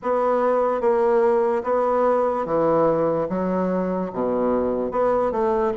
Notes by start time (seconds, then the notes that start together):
0.02 B3
0.80 A#3
1.63 B3
2.45 E3
3.29 F#3
4.12 B2
4.91 B3
5.31 A3